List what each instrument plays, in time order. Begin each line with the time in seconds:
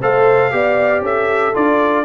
0.00 tuba A3, trombone A4, horn C5, trumpet F5
0.50 tuba B3, trombone G4, horn D5
1.00 tuba C#4, horn A4, trumpet E5
1.54 tuba D4, trombone F4, trumpet D5